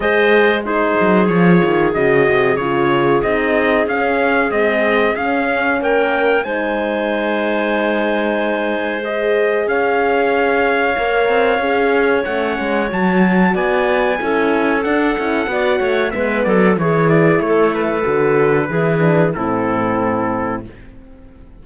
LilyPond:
<<
  \new Staff \with { instrumentName = "trumpet" } { \time 4/4 \tempo 4 = 93 dis''4 c''4 cis''4 dis''4 | cis''4 dis''4 f''4 dis''4 | f''4 g''4 gis''2~ | gis''2 dis''4 f''4~ |
f''2. fis''4 | a''4 gis''2 fis''4~ | fis''4 e''8 d''8 cis''8 d''8 cis''8 b'8~ | b'2 a'2 | }
  \new Staff \with { instrumentName = "clarinet" } { \time 4/4 c''4 gis'2.~ | gis'1~ | gis'4 ais'4 c''2~ | c''2. cis''4~ |
cis''1~ | cis''4 d''4 a'2 | d''8 cis''8 b'8 a'8 gis'4 a'4~ | a'4 gis'4 e'2 | }
  \new Staff \with { instrumentName = "horn" } { \time 4/4 gis'4 dis'4 f'4 fis'4 | f'4 dis'4 cis'4 gis4 | cis'2 dis'2~ | dis'2 gis'2~ |
gis'4 ais'4 gis'4 cis'4 | fis'2 e'4 d'8 e'8 | fis'4 b4 e'2 | fis'4 e'8 d'8 c'2 | }
  \new Staff \with { instrumentName = "cello" } { \time 4/4 gis4. fis8 f8 dis8 cis8 c8 | cis4 c'4 cis'4 c'4 | cis'4 ais4 gis2~ | gis2. cis'4~ |
cis'4 ais8 c'8 cis'4 a8 gis8 | fis4 b4 cis'4 d'8 cis'8 | b8 a8 gis8 fis8 e4 a4 | d4 e4 a,2 | }
>>